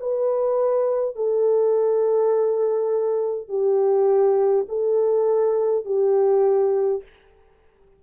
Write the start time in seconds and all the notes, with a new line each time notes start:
0.00 B4
1.16 A4
3.49 G4
4.68 A4
5.86 G4